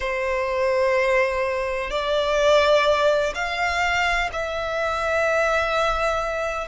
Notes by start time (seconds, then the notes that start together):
0.00 C5
1.90 D5
3.34 F5
4.32 E5